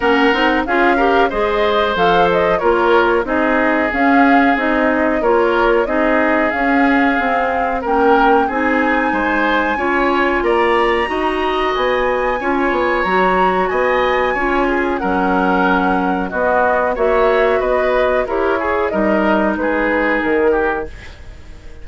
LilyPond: <<
  \new Staff \with { instrumentName = "flute" } { \time 4/4 \tempo 4 = 92 fis''4 f''4 dis''4 f''8 dis''8 | cis''4 dis''4 f''4 dis''4 | cis''4 dis''4 f''2 | g''4 gis''2. |
ais''2 gis''2 | ais''4 gis''2 fis''4~ | fis''4 dis''4 e''4 dis''4 | cis''4 dis''4 b'4 ais'4 | }
  \new Staff \with { instrumentName = "oboe" } { \time 4/4 ais'4 gis'8 ais'8 c''2 | ais'4 gis'2. | ais'4 gis'2. | ais'4 gis'4 c''4 cis''4 |
d''4 dis''2 cis''4~ | cis''4 dis''4 cis''8 gis'8 ais'4~ | ais'4 fis'4 cis''4 b'4 | ais'8 gis'8 ais'4 gis'4. g'8 | }
  \new Staff \with { instrumentName = "clarinet" } { \time 4/4 cis'8 dis'8 f'8 g'8 gis'4 a'4 | f'4 dis'4 cis'4 dis'4 | f'4 dis'4 cis'4 c'4 | cis'4 dis'2 f'4~ |
f'4 fis'2 f'4 | fis'2 f'4 cis'4~ | cis'4 b4 fis'2 | g'8 gis'8 dis'2. | }
  \new Staff \with { instrumentName = "bassoon" } { \time 4/4 ais8 c'8 cis'4 gis4 f4 | ais4 c'4 cis'4 c'4 | ais4 c'4 cis'4 c'4 | ais4 c'4 gis4 cis'4 |
ais4 dis'4 b4 cis'8 b8 | fis4 b4 cis'4 fis4~ | fis4 b4 ais4 b4 | e'4 g4 gis4 dis4 | }
>>